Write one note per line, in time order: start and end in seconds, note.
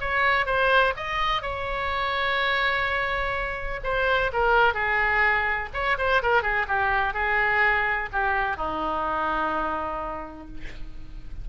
0.00 0.45 C#5
0.45 0.93 C5
0.96 1.42 D#5
1.42 3.80 C#5
3.83 4.31 C5
4.32 4.74 A#4
4.74 5.69 G#4
5.73 5.97 C#5
5.98 6.22 C5
6.22 6.42 A#4
6.42 6.66 G#4
6.68 7.13 G4
7.13 8.09 G#4
8.12 8.56 G4
8.56 10.47 D#4